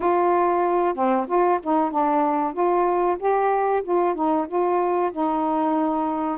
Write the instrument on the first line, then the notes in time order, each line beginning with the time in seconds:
saxophone
0.00 F4
0.94 C4
1.27 F4
1.63 D#4
1.91 D4
2.53 F4
3.19 G4
3.83 F4
4.15 D#4
4.47 F4
5.12 D#4